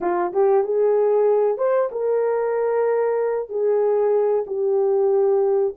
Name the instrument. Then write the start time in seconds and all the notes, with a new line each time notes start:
horn
0.00 F4
0.32 G4
0.64 G#4
1.57 C5
1.91 A#4
3.49 G#4
4.47 G4